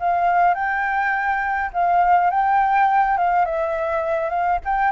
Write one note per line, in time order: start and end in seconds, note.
0.00 0.55 F5
0.55 1.71 G5
1.74 2.31 F5
2.31 3.18 G5
3.18 3.46 F5
3.46 4.30 E5
4.30 4.59 F5
4.65 4.92 G5